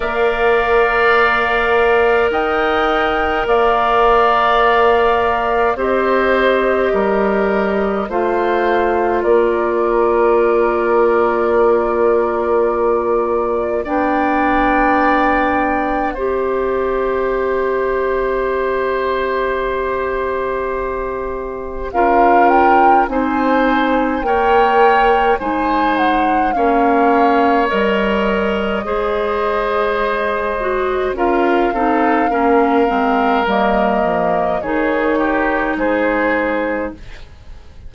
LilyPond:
<<
  \new Staff \with { instrumentName = "flute" } { \time 4/4 \tempo 4 = 52 f''2 g''4 f''4~ | f''4 dis''2 f''4 | d''1 | g''2 e''2~ |
e''2. f''8 g''8 | gis''4 g''4 gis''8 fis''8 f''4 | dis''2. f''4~ | f''4 dis''4 cis''4 c''4 | }
  \new Staff \with { instrumentName = "oboe" } { \time 4/4 d''2 dis''4 d''4~ | d''4 c''4 ais'4 c''4 | ais'1 | d''2 c''2~ |
c''2. ais'4 | c''4 cis''4 c''4 cis''4~ | cis''4 c''2 ais'8 a'8 | ais'2 gis'8 g'8 gis'4 | }
  \new Staff \with { instrumentName = "clarinet" } { \time 4/4 ais'1~ | ais'4 g'2 f'4~ | f'1 | d'2 g'2~ |
g'2. f'4 | dis'4 ais'4 dis'4 cis'4 | ais'4 gis'4. fis'8 f'8 dis'8 | cis'8 c'8 ais4 dis'2 | }
  \new Staff \with { instrumentName = "bassoon" } { \time 4/4 ais2 dis'4 ais4~ | ais4 c'4 g4 a4 | ais1 | b2 c'2~ |
c'2. cis'4 | c'4 ais4 gis4 ais4 | g4 gis2 cis'8 c'8 | ais8 gis8 g8 f8 dis4 gis4 | }
>>